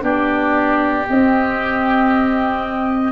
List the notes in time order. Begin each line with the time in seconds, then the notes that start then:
0.00 B3 D4 G4 D5
1.08 C4 D#5